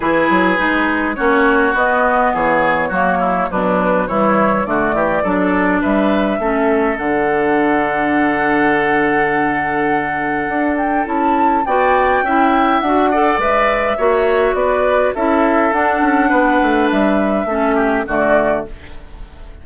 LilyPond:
<<
  \new Staff \with { instrumentName = "flute" } { \time 4/4 \tempo 4 = 103 b'2 cis''4 dis''4 | cis''2 b'4 cis''4 | d''2 e''2 | fis''1~ |
fis''2~ fis''8 g''8 a''4 | g''2 fis''4 e''4~ | e''4 d''4 e''4 fis''4~ | fis''4 e''2 d''4 | }
  \new Staff \with { instrumentName = "oboe" } { \time 4/4 gis'2 fis'2 | gis'4 fis'8 e'8 d'4 e'4 | fis'8 g'8 a'4 b'4 a'4~ | a'1~ |
a'1 | d''4 e''4. d''4. | cis''4 b'4 a'2 | b'2 a'8 g'8 fis'4 | }
  \new Staff \with { instrumentName = "clarinet" } { \time 4/4 e'4 dis'4 cis'4 b4~ | b4 ais4 fis4 g4 | a4 d'2 cis'4 | d'1~ |
d'2. e'4 | fis'4 e'4 fis'8 a'8 b'4 | fis'2 e'4 d'4~ | d'2 cis'4 a4 | }
  \new Staff \with { instrumentName = "bassoon" } { \time 4/4 e8 fis8 gis4 ais4 b4 | e4 fis4 b,4 e4 | d8 e8 fis4 g4 a4 | d1~ |
d2 d'4 cis'4 | b4 cis'4 d'4 gis4 | ais4 b4 cis'4 d'8 cis'8 | b8 a8 g4 a4 d4 | }
>>